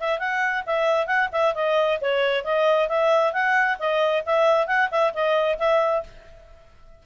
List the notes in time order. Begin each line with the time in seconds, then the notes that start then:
0.00 E5
0.19 F#5
0.66 E5
1.06 F#5
1.32 E5
1.54 D#5
2.00 C#5
2.44 D#5
2.88 E5
3.33 F#5
3.78 D#5
4.25 E5
4.66 F#5
4.91 E5
5.13 D#5
5.58 E5